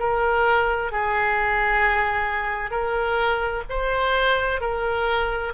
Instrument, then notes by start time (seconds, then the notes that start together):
oboe
0.00 A#4
0.92 G#4
2.71 A#4
3.70 C5
4.61 A#4